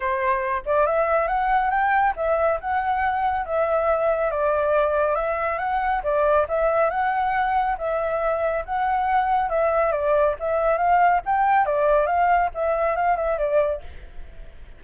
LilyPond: \new Staff \with { instrumentName = "flute" } { \time 4/4 \tempo 4 = 139 c''4. d''8 e''4 fis''4 | g''4 e''4 fis''2 | e''2 d''2 | e''4 fis''4 d''4 e''4 |
fis''2 e''2 | fis''2 e''4 d''4 | e''4 f''4 g''4 d''4 | f''4 e''4 f''8 e''8 d''4 | }